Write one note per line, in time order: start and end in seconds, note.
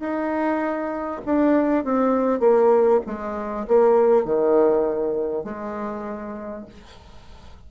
0.00 1.21 D#4
1.26 1.85 D4
1.85 2.40 C4
2.40 3.01 A#3
3.07 3.67 G#3
3.68 4.26 A#3
4.26 5.44 D#3
5.44 6.66 G#3